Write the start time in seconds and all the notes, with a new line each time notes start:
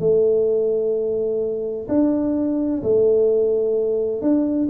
0.00 A3
1.89 D4
2.83 A3
4.22 D4